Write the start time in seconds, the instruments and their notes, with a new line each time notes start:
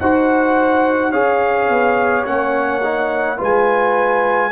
0.00 tuba D#4, trombone F#4, horn C5, trumpet F#5
1.11 tuba C#4, trombone G#4, horn C#5, trumpet F5
1.69 tuba B3
2.25 tuba A#3, trombone C#4, trumpet F#5
2.83 trombone D#4
3.37 tuba G#3, trombone F4, horn B4, trumpet G#5